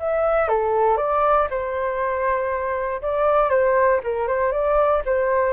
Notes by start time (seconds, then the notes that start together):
0.00 E5
0.49 A4
0.98 D5
1.51 C5
3.02 D5
3.50 C5
4.04 A#4
4.28 C5
4.52 D5
5.06 C5